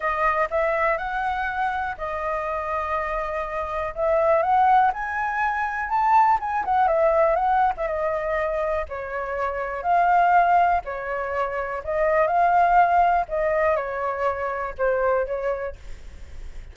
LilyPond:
\new Staff \with { instrumentName = "flute" } { \time 4/4 \tempo 4 = 122 dis''4 e''4 fis''2 | dis''1 | e''4 fis''4 gis''2 | a''4 gis''8 fis''8 e''4 fis''8. e''16 |
dis''2 cis''2 | f''2 cis''2 | dis''4 f''2 dis''4 | cis''2 c''4 cis''4 | }